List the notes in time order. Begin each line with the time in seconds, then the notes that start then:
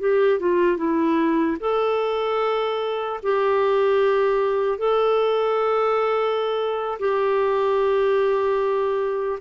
0.00 G4
0.40 F4
0.77 E4
1.60 A4
3.23 G4
4.79 A4
7.00 G4